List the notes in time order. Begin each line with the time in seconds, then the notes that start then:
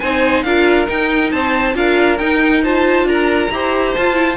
0.00 C4 D#4 C5 G#5
0.43 D4 F4 A#4 F5
0.86 D#4 G5
1.32 C4 C5 A5
1.74 D4 F4 A#4 F5
2.18 D#4 G5
2.64 F4 C5 A5
3.05 D4 A#4 A#5
3.51 E4 G4 C5
3.95 F4 A5
4.14 E4